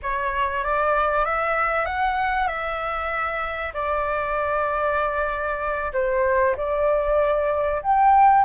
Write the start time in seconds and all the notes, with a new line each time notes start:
0.02 C#5
0.64 D5
1.25 E5
1.85 F#5
2.47 E5
3.73 D5
5.93 C5
6.57 D5
7.82 G5